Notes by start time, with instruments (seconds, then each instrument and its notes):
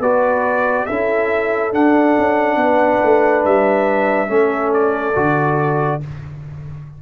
0.00 tuba B3, trombone F#4, horn B4, trumpet D5
0.86 tuba C#4, trombone E4, horn A4, trumpet E5
1.72 trombone D4, tuba D4, trumpet F#5
2.19 tuba C#4
2.57 tuba B3, horn B4
3.04 tuba A3
3.45 tuba G3, trumpet E5
4.28 tuba A3, trombone C#4, horn A4
4.74 trumpet D5
5.15 tuba D3, trombone F#4